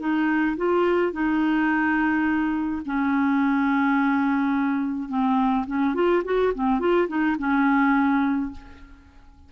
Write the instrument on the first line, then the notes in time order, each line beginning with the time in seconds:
clarinet
0.00 D#4
0.57 F4
1.13 D#4
2.86 C#4
5.09 C4
5.67 C#4
5.95 F4
6.25 F#4
6.55 C4
6.80 F4
7.09 D#4
7.39 C#4